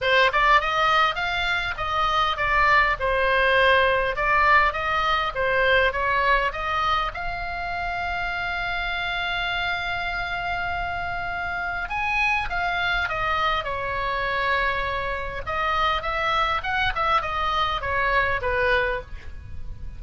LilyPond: \new Staff \with { instrumentName = "oboe" } { \time 4/4 \tempo 4 = 101 c''8 d''8 dis''4 f''4 dis''4 | d''4 c''2 d''4 | dis''4 c''4 cis''4 dis''4 | f''1~ |
f''1 | gis''4 f''4 dis''4 cis''4~ | cis''2 dis''4 e''4 | fis''8 e''8 dis''4 cis''4 b'4 | }